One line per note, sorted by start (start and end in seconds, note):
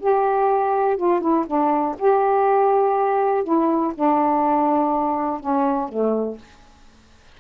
0.00 0.97 G4
0.97 1.20 F4
1.20 1.45 E4
1.46 1.96 D4
1.99 3.44 G4
3.44 3.93 E4
3.95 5.40 D4
5.40 5.89 C#4
5.89 6.38 A3